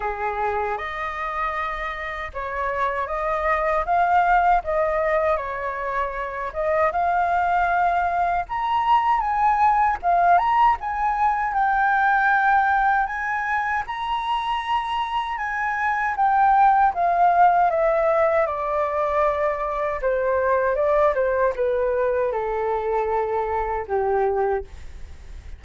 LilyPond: \new Staff \with { instrumentName = "flute" } { \time 4/4 \tempo 4 = 78 gis'4 dis''2 cis''4 | dis''4 f''4 dis''4 cis''4~ | cis''8 dis''8 f''2 ais''4 | gis''4 f''8 ais''8 gis''4 g''4~ |
g''4 gis''4 ais''2 | gis''4 g''4 f''4 e''4 | d''2 c''4 d''8 c''8 | b'4 a'2 g'4 | }